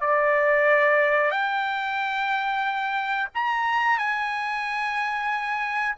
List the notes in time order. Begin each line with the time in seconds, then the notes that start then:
0.00 D5
1.30 G5
3.34 A#5
3.98 G#5